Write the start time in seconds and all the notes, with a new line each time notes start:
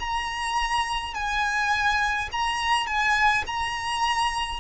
0.00 A#5
1.14 G#5
2.32 A#5
2.87 G#5
3.47 A#5